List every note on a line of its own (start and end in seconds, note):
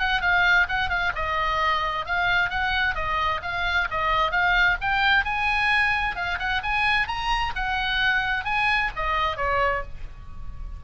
0.00 0.22 F#5
0.22 0.67 F5
0.69 0.90 F#5
0.90 1.13 F5
1.16 2.06 D#5
2.06 2.50 F5
2.50 2.96 F#5
2.96 3.41 D#5
3.42 3.88 F5
3.91 4.32 D#5
4.32 4.77 F5
4.82 5.25 G5
5.25 6.16 G#5
6.16 6.39 F5
6.39 6.62 F#5
6.63 7.08 G#5
7.08 7.53 A#5
7.56 8.45 F#5
8.45 8.91 G#5
8.96 9.37 D#5
9.37 9.83 C#5